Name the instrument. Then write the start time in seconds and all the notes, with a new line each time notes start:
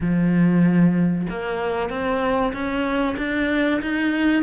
cello
0.00 F3
1.29 A#3
1.89 C4
2.53 C#4
3.17 D4
3.81 D#4